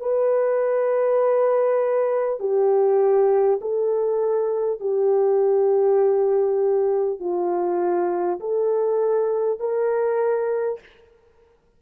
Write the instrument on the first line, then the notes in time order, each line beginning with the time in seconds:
horn
0.00 B4
2.39 G4
3.61 A4
4.79 G4
7.19 F4
8.40 A4
9.59 A#4